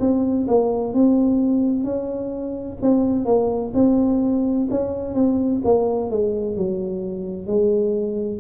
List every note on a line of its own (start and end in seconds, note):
0.00 0.47 C4
0.48 0.94 A#3
0.94 1.84 C4
1.84 2.78 C#4
2.82 3.25 C4
3.25 3.72 A#3
3.74 4.68 C4
4.70 5.15 C#4
5.15 5.62 C4
5.65 6.10 A#3
6.10 6.56 G#3
6.56 7.47 F#3
7.47 8.40 G#3